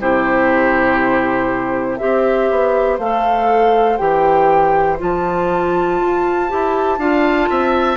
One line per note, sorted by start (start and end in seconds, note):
0.00 2.00 C3
0.00 1.99 E4
0.00 1.99 G4
0.00 1.97 C5
1.97 2.50 C4
1.97 2.99 G4
1.97 6.99 C5
1.97 2.97 E5
2.50 2.99 B3
2.99 3.99 A3
2.99 3.99 A4
2.99 3.97 F5
3.97 5.00 E3
3.97 4.98 G4
3.97 4.97 G5
4.98 6.01 F3
4.98 6.48 F4
4.98 7.97 A5
6.01 6.51 F4
6.48 6.98 E4
6.48 6.98 G4
6.98 7.48 D4
6.98 7.97 F4
6.98 7.49 F5
7.50 7.97 C4
7.50 7.97 E5